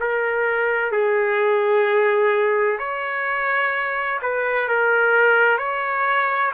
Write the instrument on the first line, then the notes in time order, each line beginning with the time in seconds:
trumpet
0.00 A#4
0.92 G#4
2.79 C#5
4.22 B4
4.68 A#4
5.58 C#5